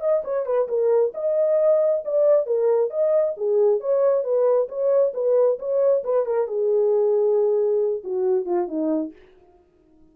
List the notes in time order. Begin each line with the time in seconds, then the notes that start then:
0.00 D#5
0.24 C#5
0.45 B4
0.68 A#4
1.14 D#5
2.04 D5
2.46 A#4
2.90 D#5
3.37 G#4
3.80 C#5
4.23 B4
4.68 C#5
5.14 B4
5.59 C#5
6.03 B4
6.25 A#4
6.47 G#4
8.04 F#4
8.45 F4
8.67 D#4